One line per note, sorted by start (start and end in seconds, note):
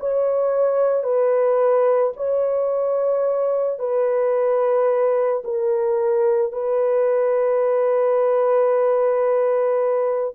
0.00 1.04 C#5
1.04 2.13 B4
2.17 3.79 C#5
3.79 5.43 B4
5.45 6.53 A#4
6.53 10.34 B4